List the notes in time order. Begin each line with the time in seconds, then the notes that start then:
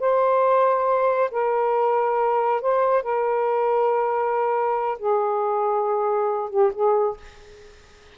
0.00 C5
1.31 A#4
2.62 C5
3.03 A#4
4.99 G#4
6.50 G4
6.74 G#4